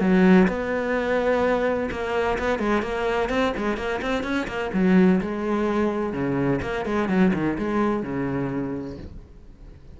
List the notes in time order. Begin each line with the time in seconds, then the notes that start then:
0.00 F#3
0.47 B3
1.91 A#3
2.38 B3
2.59 G#3
2.82 A#3
3.29 C4
3.57 G#3
3.77 A#3
4.01 C4
4.23 C#4
4.47 A#3
4.73 F#3
5.21 G#3
6.13 C#3
6.62 A#3
6.85 G#3
7.08 F#3
7.34 D#3
7.58 G#3
8.03 C#3